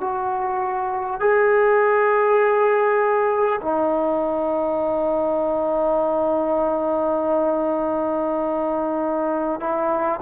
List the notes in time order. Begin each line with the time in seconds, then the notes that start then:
0.00 F#4
1.19 G#4
3.61 D#4
9.60 E4